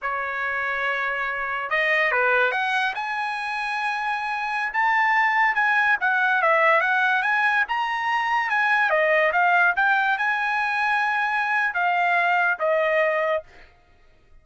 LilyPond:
\new Staff \with { instrumentName = "trumpet" } { \time 4/4 \tempo 4 = 143 cis''1 | dis''4 b'4 fis''4 gis''4~ | gis''2.~ gis''16 a''8.~ | a''4~ a''16 gis''4 fis''4 e''8.~ |
e''16 fis''4 gis''4 ais''4.~ ais''16~ | ais''16 gis''4 dis''4 f''4 g''8.~ | g''16 gis''2.~ gis''8. | f''2 dis''2 | }